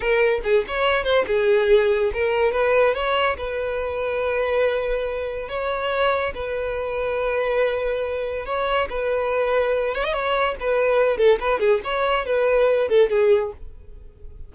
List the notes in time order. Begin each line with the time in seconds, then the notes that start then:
0.00 A#4
0.43 G#4
0.67 C#5
1.04 C5
1.27 G#4
2.13 A#4
2.52 B4
2.94 C#5
3.37 B4
5.48 C#5
6.34 B4
8.45 C#5
8.89 B4
9.94 C#5
10.03 D#5
10.13 C#5
10.59 B4
11.17 A4
11.40 B4
11.59 G#4
11.83 C#5
12.25 B4
12.88 A4
13.09 G#4